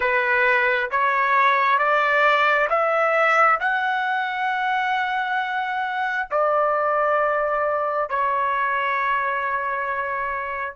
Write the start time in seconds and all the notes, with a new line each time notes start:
0.00 B4
0.90 C#5
1.78 D5
2.69 E5
3.60 F#5
6.30 D5
8.09 C#5